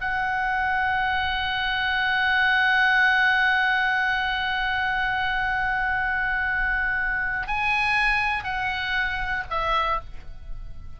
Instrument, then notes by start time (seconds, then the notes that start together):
oboe
0.00 F#5
7.47 G#5
8.44 F#5
9.50 E5